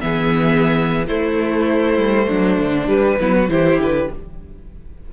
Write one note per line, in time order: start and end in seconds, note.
0.00 1.09 E3
0.00 1.07 B3
0.00 1.08 G#4
0.00 1.06 E5
1.07 2.87 A3
1.07 1.96 A3
1.07 2.26 E4
1.07 2.89 C5
1.96 2.27 G3
2.26 2.59 F#3
2.26 3.17 D4
2.59 2.88 D3
2.87 3.18 G3
2.87 3.50 B4
3.19 3.48 F#3
3.19 3.49 B3
3.19 3.35 E4
3.35 3.50 F#4
3.48 3.78 E3
3.48 4.09 E4
3.48 4.12 G4
3.48 3.80 C5
3.78 4.08 D3
3.78 4.13 B4